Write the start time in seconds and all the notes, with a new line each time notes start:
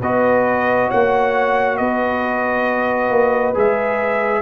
0.00 B3 F#4 B4 D#5
0.88 A#3 C#5 F#5
1.77 B3 B4 D#5
3.10 A#3
3.54 G#3 G#4 E5